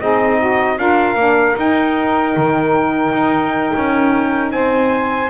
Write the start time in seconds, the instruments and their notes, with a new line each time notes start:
0.00 double bass C4, saxophone D#4 G#4, trumpet D#5
0.39 saxophone F#4
0.77 double bass D4, saxophone F4 A#4, trumpet F5
1.15 double bass A#3, saxophone D4
1.55 saxophone D#4, double bass D#4, trumpet G5
2.37 double bass D#3
3.13 double bass D#4
3.76 double bass C#4
4.52 double bass C4, saxophone C5, trumpet G#5